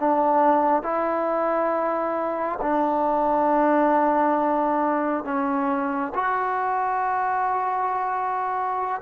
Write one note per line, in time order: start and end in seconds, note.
0.00 0.83 D4
0.83 2.59 E4
2.62 5.25 D4
5.25 6.13 C#4
6.15 9.02 F#4